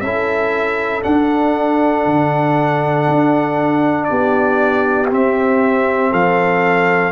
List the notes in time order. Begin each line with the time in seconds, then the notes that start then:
0.00 C#4 E4 A4 E5
1.02 D4 F#5
2.06 D3
3.07 D4
4.04 G4 D5
4.10 B3
5.10 C4 E5
6.11 F3 A4 F5